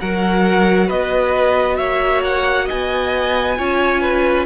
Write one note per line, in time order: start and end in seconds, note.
0.00 0.90 F#3
0.00 3.58 F#4
0.00 0.87 A#4
0.00 0.89 F#5
0.87 1.79 B3
0.87 1.76 B4
0.87 1.77 D#5
1.77 2.69 A#3
1.77 2.65 C#5
1.77 2.22 E5
2.24 2.68 F#5
2.65 3.54 D#5
2.65 4.46 G#5
2.71 3.58 B3
3.58 4.46 C#4
3.58 4.46 F4
3.58 4.01 C#5
4.01 4.46 B4